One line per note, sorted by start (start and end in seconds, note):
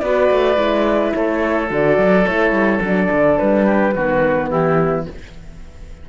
0.00 0.30 B3
0.00 0.56 F#4
0.00 1.16 B4
0.00 1.12 D5
0.31 0.57 A3
0.56 1.13 G#3
0.56 1.68 E4
1.14 1.71 A3
1.14 3.66 A4
1.14 1.70 C#5
1.70 1.98 D3
1.70 2.26 F#4
1.70 2.26 D5
1.98 2.26 F#3
2.26 2.52 A3
2.26 2.82 E4
2.26 2.82 C#5
2.52 2.80 G3
2.82 3.10 F#3
2.82 3.97 D4
2.82 3.38 D5
3.12 3.40 D3
3.38 3.96 G3
3.38 4.50 B4
3.66 3.95 G4
3.95 4.51 D#3
3.95 5.10 B3
3.95 4.50 F#4
4.50 5.07 E3
4.50 5.06 E4
4.50 5.06 G4